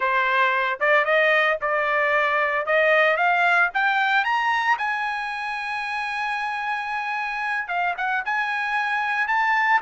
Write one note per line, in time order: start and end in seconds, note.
0.00 0.79 C5
0.80 1.04 D5
1.04 1.57 D#5
1.61 2.65 D5
2.65 3.16 D#5
3.16 3.69 F5
3.74 4.24 G5
4.24 4.77 A#5
4.78 7.67 G#5
7.67 7.94 F5
7.97 8.23 F#5
8.25 9.27 G#5
9.27 9.80 A5